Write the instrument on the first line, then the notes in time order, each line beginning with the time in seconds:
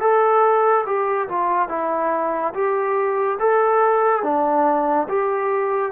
trombone
0.00 A4
0.86 G4
1.29 F4
1.69 E4
2.54 G4
3.40 A4
4.23 D4
5.09 G4